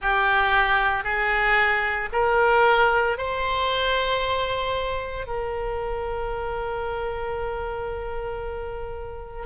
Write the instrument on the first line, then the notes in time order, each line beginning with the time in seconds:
oboe
0.01 G4
1.04 G#4
2.12 A#4
3.17 C5
5.26 A#4